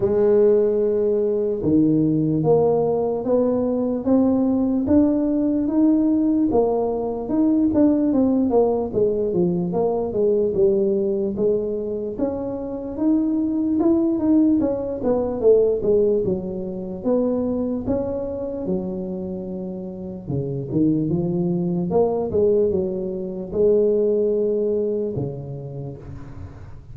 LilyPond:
\new Staff \with { instrumentName = "tuba" } { \time 4/4 \tempo 4 = 74 gis2 dis4 ais4 | b4 c'4 d'4 dis'4 | ais4 dis'8 d'8 c'8 ais8 gis8 f8 | ais8 gis8 g4 gis4 cis'4 |
dis'4 e'8 dis'8 cis'8 b8 a8 gis8 | fis4 b4 cis'4 fis4~ | fis4 cis8 dis8 f4 ais8 gis8 | fis4 gis2 cis4 | }